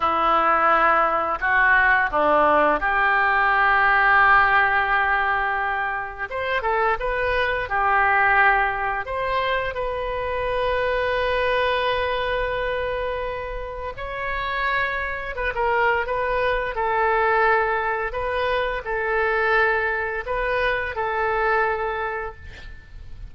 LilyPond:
\new Staff \with { instrumentName = "oboe" } { \time 4/4 \tempo 4 = 86 e'2 fis'4 d'4 | g'1~ | g'4 c''8 a'8 b'4 g'4~ | g'4 c''4 b'2~ |
b'1 | cis''2 b'16 ais'8. b'4 | a'2 b'4 a'4~ | a'4 b'4 a'2 | }